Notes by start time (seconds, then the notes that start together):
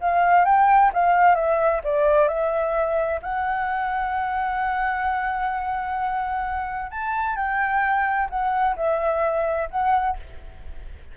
0.00 F5
0.45 G5
0.93 F5
1.35 E5
1.84 D5
2.28 E5
3.22 F#5
6.91 A5
7.36 G5
8.30 F#5
8.76 E5
9.71 F#5